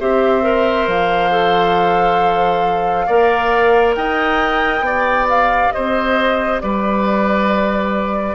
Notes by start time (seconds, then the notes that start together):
0.00 C4 G4 C5 E5
0.42 A#4
0.87 F3 F5
1.31 A4
3.06 A#3 A#4 D5
3.95 D#4 D#5 G5
4.80 B3 G4 D5
5.29 F5
5.72 C4 C5 D#5
6.60 G3 B4 D5